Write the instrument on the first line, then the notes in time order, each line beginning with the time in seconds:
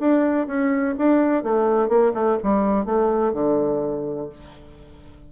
bassoon
0.00 D4
0.47 C#4
0.98 D4
1.44 A3
1.89 A#3
2.14 A3
2.43 G3
2.86 A3
3.33 D3